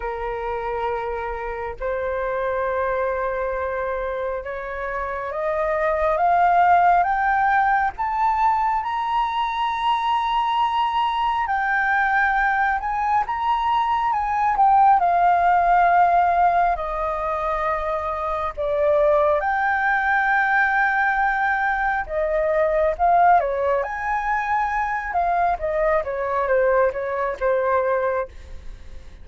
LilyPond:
\new Staff \with { instrumentName = "flute" } { \time 4/4 \tempo 4 = 68 ais'2 c''2~ | c''4 cis''4 dis''4 f''4 | g''4 a''4 ais''2~ | ais''4 g''4. gis''8 ais''4 |
gis''8 g''8 f''2 dis''4~ | dis''4 d''4 g''2~ | g''4 dis''4 f''8 cis''8 gis''4~ | gis''8 f''8 dis''8 cis''8 c''8 cis''8 c''4 | }